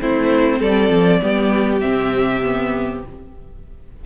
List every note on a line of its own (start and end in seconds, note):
0.00 0.60 A3
0.00 1.21 C4
0.00 0.59 E4
0.00 0.61 C5
0.59 0.89 G3
0.59 1.19 A4
0.59 1.80 D5
0.89 1.20 F3
1.21 1.83 G3
1.21 1.81 B3
1.21 3.04 G4
1.80 3.05 C3
1.80 2.41 C4
1.80 3.01 E5
2.43 3.03 B3